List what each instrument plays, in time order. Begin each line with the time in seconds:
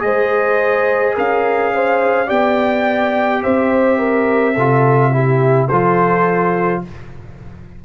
0.00 tuba G#3, trombone G#4, horn C5, trumpet D#5
1.16 tuba C#4, horn A#4, trumpet F5
1.75 horn C5
2.27 tuba B3, trombone G4, horn D5, trumpet G5
3.43 tuba C4, horn C5, trumpet E5
3.99 horn A#4
4.54 tuba C3, trombone F4, horn A4
5.12 trombone E4, horn G4
5.69 tuba F3, trombone F4, horn A4, trumpet C5